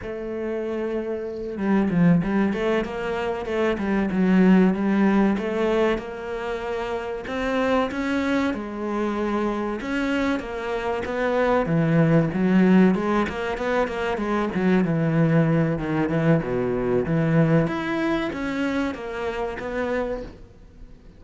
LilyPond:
\new Staff \with { instrumentName = "cello" } { \time 4/4 \tempo 4 = 95 a2~ a8 g8 f8 g8 | a8 ais4 a8 g8 fis4 g8~ | g8 a4 ais2 c'8~ | c'8 cis'4 gis2 cis'8~ |
cis'8 ais4 b4 e4 fis8~ | fis8 gis8 ais8 b8 ais8 gis8 fis8 e8~ | e4 dis8 e8 b,4 e4 | e'4 cis'4 ais4 b4 | }